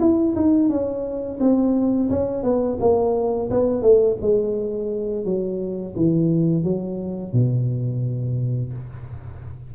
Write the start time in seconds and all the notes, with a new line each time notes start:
0.00 E4
0.36 D#4
0.69 C#4
1.40 C4
2.10 C#4
2.43 B3
2.80 A#3
3.50 B3
3.82 A3
4.21 G#3
5.25 F#3
5.96 E3
6.64 F#3
7.33 B2